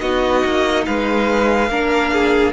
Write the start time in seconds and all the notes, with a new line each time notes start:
0.00 B3 D#4 F#4 D#5
0.44 A#3
0.86 G#3 B4 F5
1.69 A#3 D4 A#4
2.12 G#4